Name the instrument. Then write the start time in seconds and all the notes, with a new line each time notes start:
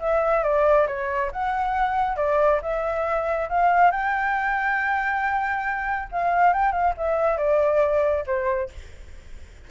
flute
0.00 E5
0.44 D5
0.88 C#5
1.32 F#5
2.17 D5
2.62 E5
3.50 F5
3.92 G5
6.12 F5
6.54 G5
6.72 F5
6.98 E5
7.38 D5
8.27 C5